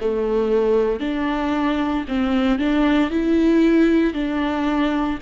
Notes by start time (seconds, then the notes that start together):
0.00 A3
1.00 D4
2.08 C4
2.59 D4
3.11 E4
4.13 D4